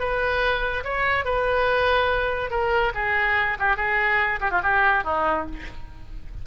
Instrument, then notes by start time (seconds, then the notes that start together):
oboe
0.00 B4
0.84 C#5
1.25 B4
2.51 A#4
2.95 G#4
3.60 G4
3.77 G#4
4.41 G4
4.51 F4
4.63 G4
5.04 D#4